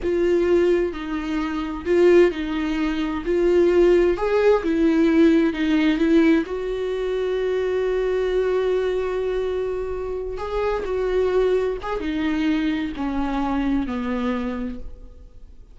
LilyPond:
\new Staff \with { instrumentName = "viola" } { \time 4/4 \tempo 4 = 130 f'2 dis'2 | f'4 dis'2 f'4~ | f'4 gis'4 e'2 | dis'4 e'4 fis'2~ |
fis'1~ | fis'2~ fis'8 gis'4 fis'8~ | fis'4. gis'8 dis'2 | cis'2 b2 | }